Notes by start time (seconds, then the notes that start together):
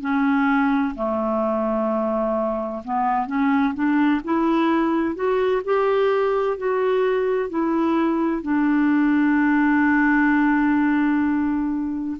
0.00 C#4
0.95 A3
2.84 B3
3.26 C#4
3.74 D4
4.24 E4
5.15 F#4
5.64 G4
6.57 F#4
7.49 E4
8.42 D4